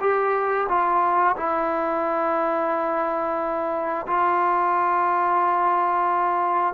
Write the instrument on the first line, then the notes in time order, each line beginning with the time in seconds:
trombone
0.00 G4
0.69 F4
1.37 E4
4.07 F4